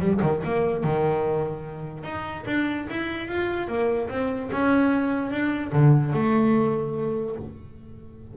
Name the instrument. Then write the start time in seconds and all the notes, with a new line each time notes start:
double bass
0.00 G3
0.22 D#3
0.44 A#3
0.84 D#3
2.04 D#4
2.47 D4
2.90 E4
3.28 F4
3.68 A#3
4.09 C4
4.52 C#4
5.31 D4
5.73 D3
6.13 A3